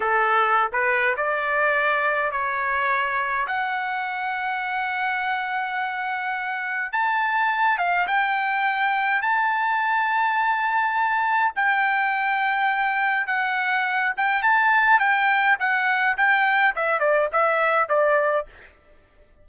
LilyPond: \new Staff \with { instrumentName = "trumpet" } { \time 4/4 \tempo 4 = 104 a'4~ a'16 b'8. d''2 | cis''2 fis''2~ | fis''1 | a''4. f''8 g''2 |
a''1 | g''2. fis''4~ | fis''8 g''8 a''4 g''4 fis''4 | g''4 e''8 d''8 e''4 d''4 | }